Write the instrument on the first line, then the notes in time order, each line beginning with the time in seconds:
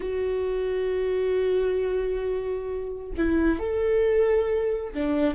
viola
0.00 F#4
3.17 E4
3.59 A4
4.94 D4